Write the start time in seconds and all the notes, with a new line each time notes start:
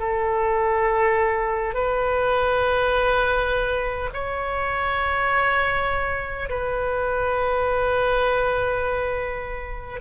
0.00 A4
1.75 B4
4.14 C#5
6.50 B4